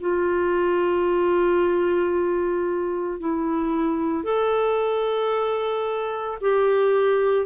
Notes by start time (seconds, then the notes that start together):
0.00 F4
3.19 E4
4.24 A4
6.40 G4